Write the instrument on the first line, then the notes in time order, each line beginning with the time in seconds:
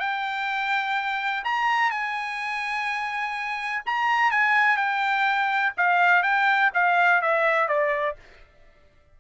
trumpet
0.00 G5
1.45 A#5
1.92 G#5
3.87 A#5
4.32 G#5
4.77 G5
5.78 F5
6.24 G5
6.74 F5
7.22 E5
7.69 D5